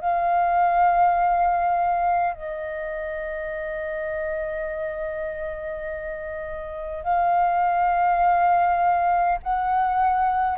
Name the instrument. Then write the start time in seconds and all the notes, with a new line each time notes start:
flute
0.00 F5
2.34 D#5
7.03 F5
9.42 F#5